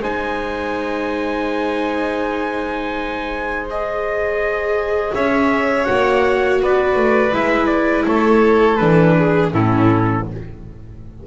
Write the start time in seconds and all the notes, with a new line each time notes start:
0.00 G#3 D#4 C5 G#5
3.70 G#4 D#5
5.15 C#4 C#5 E5
5.85 A#3 F#4 F#5
6.62 B3 B4 D5
6.96 A3
7.33 G#3 E4 E5
7.67 D5
8.06 A3 A4 C#5
8.77 E3 D4 B4
9.19 G#4
9.53 A2 C#4 E4 A4